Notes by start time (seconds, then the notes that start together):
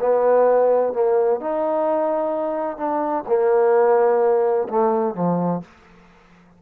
0.00 B3
0.93 A#3
1.40 D#4
2.77 D4
3.27 A#3
4.69 A3
5.15 F3